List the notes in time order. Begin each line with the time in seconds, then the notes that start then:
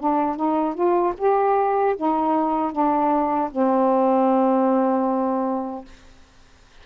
0.00 D4
0.37 D#4
0.75 F4
1.18 G4
1.97 D#4
2.72 D4
3.52 C4